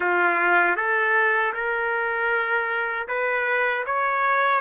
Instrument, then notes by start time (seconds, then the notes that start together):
trumpet
0.00 F4
0.76 A4
1.53 A#4
3.08 B4
3.85 C#5